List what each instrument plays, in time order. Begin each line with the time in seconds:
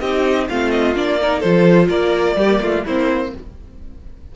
0.00 cello C4, viola D#4, violin G4 D#5
0.49 cello A3, viola C4, violin F4 F5
0.70 violin D#5
0.95 cello A#3, viola D4, violin D5
1.21 viola D#4, violin A#4
1.39 cello F3, viola F4, violin A4 C5
1.89 cello A#3, violin A#4 D5
2.36 cello G3, viola A#3, violin G4
2.61 cello A3, violin F4
2.85 cello A#3, viola C4, violin E4 C5